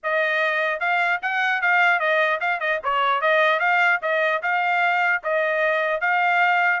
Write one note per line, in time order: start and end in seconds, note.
0.03 0.80 D#5
0.80 1.20 F5
1.21 1.61 F#5
1.61 1.99 F5
1.99 2.39 D#5
2.40 2.59 F5
2.59 2.79 D#5
2.83 3.21 C#5
3.21 3.59 D#5
3.59 3.99 F5
4.02 4.42 D#5
4.42 5.22 F5
5.23 6.01 D#5
6.01 6.80 F5